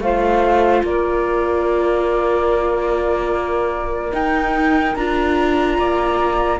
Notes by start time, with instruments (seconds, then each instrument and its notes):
0.00 cello A3, viola F4, saxophone C5, flute F5
0.83 cello A#3, saxophone A#4, flute D5
4.11 viola D#4, cello D#4, flute G5
4.95 cello D4, viola F4, flute A#5
5.78 cello A#3, saxophone D5